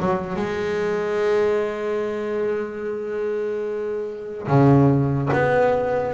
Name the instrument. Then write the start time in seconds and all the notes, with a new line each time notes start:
double bass
0.00 F#3
0.36 G#3
4.47 C#3
5.33 B3